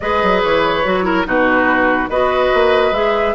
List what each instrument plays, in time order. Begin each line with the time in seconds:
0.00 bassoon G#3, clarinet G#4, oboe B4, flute D#5
0.22 bassoon F#3
0.43 bassoon E3, flute C#5
0.84 bassoon F#3, clarinet F#4
1.03 clarinet E4, oboe A#4
1.25 bassoon B2, clarinet D#4, oboe F#4, flute B4
2.08 bassoon B3, clarinet F#4, oboe B4, flute D#5
2.54 bassoon A#3
2.91 bassoon G#3, clarinet G#4, flute E5